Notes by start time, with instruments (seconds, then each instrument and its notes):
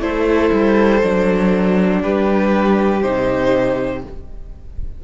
0.00 cello A3, viola E4, violin A4 C5
0.52 cello G3
1.02 cello F#3, viola D4
2.01 cello G3, violin G4 B4
3.02 cello C3, viola D#4, violin C5